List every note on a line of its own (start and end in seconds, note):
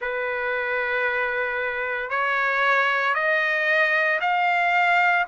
0.01 2.10 B4
2.10 3.14 C#5
3.14 4.19 D#5
4.21 5.26 F5